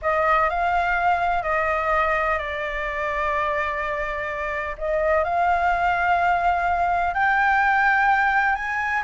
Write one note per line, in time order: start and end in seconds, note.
0.02 0.49 D#5
0.49 1.42 F5
1.42 2.38 D#5
2.38 4.76 D5
4.78 5.24 D#5
5.24 7.13 F5
7.13 8.55 G5
8.55 9.02 G#5